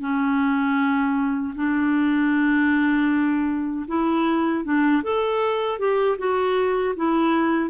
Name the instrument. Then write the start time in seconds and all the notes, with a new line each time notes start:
clarinet
0.00 C#4
1.55 D4
3.87 E4
4.64 D4
5.03 A4
5.79 G4
6.18 F#4
6.96 E4